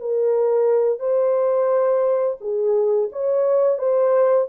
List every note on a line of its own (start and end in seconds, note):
0.00 0.99 A#4
0.99 2.37 C5
2.41 3.10 G#4
3.13 3.78 C#5
3.78 4.47 C5